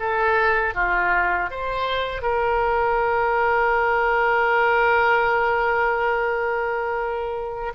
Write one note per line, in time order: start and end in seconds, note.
0.00 0.75 A4
0.75 1.51 F4
1.51 2.23 C5
2.23 7.73 A#4